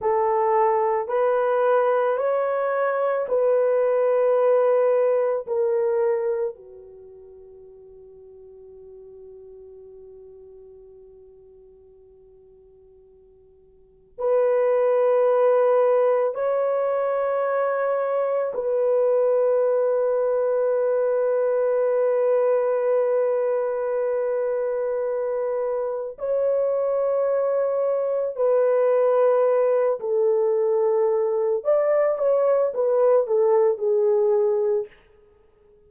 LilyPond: \new Staff \with { instrumentName = "horn" } { \time 4/4 \tempo 4 = 55 a'4 b'4 cis''4 b'4~ | b'4 ais'4 fis'2~ | fis'1~ | fis'4 b'2 cis''4~ |
cis''4 b'2.~ | b'1 | cis''2 b'4. a'8~ | a'4 d''8 cis''8 b'8 a'8 gis'4 | }